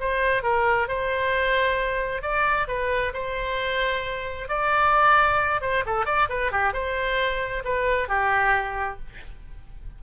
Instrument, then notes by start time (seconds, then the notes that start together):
oboe
0.00 C5
0.43 A#4
0.88 C5
2.22 D5
2.67 B4
3.14 C5
4.48 D5
5.61 C5
5.86 A4
6.06 D5
6.29 B4
6.51 G4
6.73 C5
7.64 B4
8.08 G4